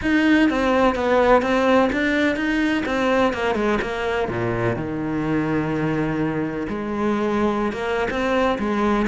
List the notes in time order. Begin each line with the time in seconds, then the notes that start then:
0.02 D#4
0.49 C4
0.95 B3
1.42 C4
1.92 D4
2.36 D#4
2.85 C4
3.33 A#3
3.55 G#3
3.81 A#3
4.28 A#2
4.76 D#3
6.68 G#3
7.72 A#3
8.10 C4
8.58 G#3